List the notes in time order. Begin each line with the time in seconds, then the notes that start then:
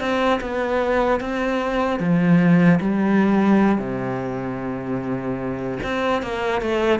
0.00 C4
0.41 B3
1.20 C4
1.99 F3
2.80 G3
3.78 C3
5.83 C4
6.23 A#3
6.62 A3